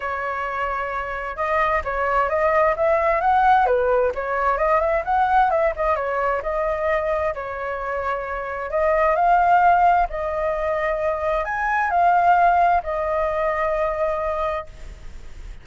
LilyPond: \new Staff \with { instrumentName = "flute" } { \time 4/4 \tempo 4 = 131 cis''2. dis''4 | cis''4 dis''4 e''4 fis''4 | b'4 cis''4 dis''8 e''8 fis''4 | e''8 dis''8 cis''4 dis''2 |
cis''2. dis''4 | f''2 dis''2~ | dis''4 gis''4 f''2 | dis''1 | }